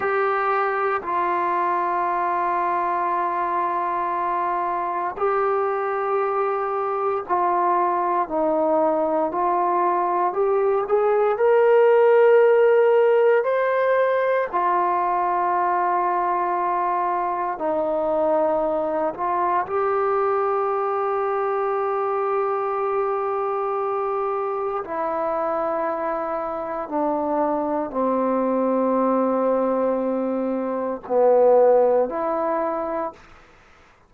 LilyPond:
\new Staff \with { instrumentName = "trombone" } { \time 4/4 \tempo 4 = 58 g'4 f'2.~ | f'4 g'2 f'4 | dis'4 f'4 g'8 gis'8 ais'4~ | ais'4 c''4 f'2~ |
f'4 dis'4. f'8 g'4~ | g'1 | e'2 d'4 c'4~ | c'2 b4 e'4 | }